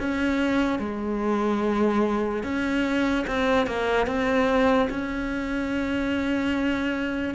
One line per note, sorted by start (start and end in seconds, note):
0.00 0.79 C#4
0.79 2.44 G#3
2.44 3.26 C#4
3.28 3.67 C4
3.67 4.07 A#3
4.07 4.89 C4
4.90 7.35 C#4